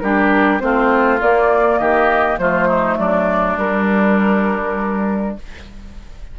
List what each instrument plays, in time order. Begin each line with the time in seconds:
0.00 bassoon G3, clarinet D4, oboe G4, flute A#4
0.60 bassoon A3, clarinet C4, oboe F4, flute C5
1.21 bassoon A#3, clarinet A#3, flute D5
1.78 bassoon D#3, oboe G4, flute D#5
2.38 bassoon F3, clarinet A3, oboe F4, flute C5
2.68 oboe D#4
2.98 bassoon F#3, oboe D4, flute D5
3.57 bassoon G3, clarinet G3, flute A#4